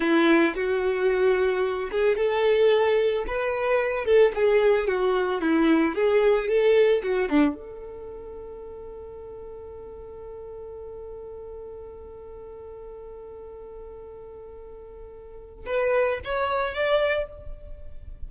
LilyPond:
\new Staff \with { instrumentName = "violin" } { \time 4/4 \tempo 4 = 111 e'4 fis'2~ fis'8 gis'8 | a'2 b'4. a'8 | gis'4 fis'4 e'4 gis'4 | a'4 fis'8 d'8 a'2~ |
a'1~ | a'1~ | a'1~ | a'4 b'4 cis''4 d''4 | }